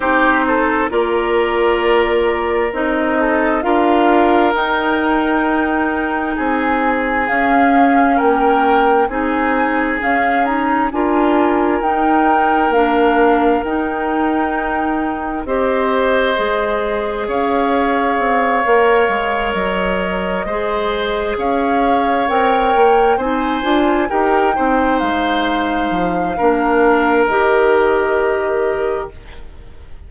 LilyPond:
<<
  \new Staff \with { instrumentName = "flute" } { \time 4/4 \tempo 4 = 66 c''4 d''2 dis''4 | f''4 g''2 gis''4 | f''4 g''4 gis''4 f''8 ais''8 | gis''4 g''4 f''4 g''4~ |
g''4 dis''2 f''4~ | f''4. dis''2 f''8~ | f''8 g''4 gis''4 g''4 f''8~ | f''2 dis''2 | }
  \new Staff \with { instrumentName = "oboe" } { \time 4/4 g'8 a'8 ais'2~ ais'8 a'8 | ais'2. gis'4~ | gis'4 ais'4 gis'2 | ais'1~ |
ais'4 c''2 cis''4~ | cis''2~ cis''8 c''4 cis''8~ | cis''4. c''4 ais'8 c''4~ | c''4 ais'2. | }
  \new Staff \with { instrumentName = "clarinet" } { \time 4/4 dis'4 f'2 dis'4 | f'4 dis'2. | cis'2 dis'4 cis'8 dis'8 | f'4 dis'4 d'4 dis'4~ |
dis'4 g'4 gis'2~ | gis'8 ais'2 gis'4.~ | gis'8 ais'4 dis'8 f'8 g'8 dis'4~ | dis'4 d'4 g'2 | }
  \new Staff \with { instrumentName = "bassoon" } { \time 4/4 c'4 ais2 c'4 | d'4 dis'2 c'4 | cis'4 ais4 c'4 cis'4 | d'4 dis'4 ais4 dis'4~ |
dis'4 c'4 gis4 cis'4 | c'8 ais8 gis8 fis4 gis4 cis'8~ | cis'8 c'8 ais8 c'8 d'8 dis'8 c'8 gis8~ | gis8 f8 ais4 dis2 | }
>>